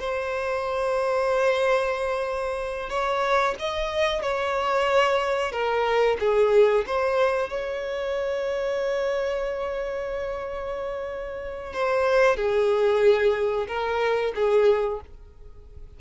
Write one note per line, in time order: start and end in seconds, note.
0.00 2.90 C5
2.90 3.55 C#5
3.60 4.22 D#5
4.22 5.52 C#5
5.52 6.18 A#4
6.20 6.85 G#4
6.87 7.50 C5
7.50 11.74 C#5
11.74 12.37 C5
12.37 13.67 G#4
13.68 14.33 A#4
14.36 15.01 G#4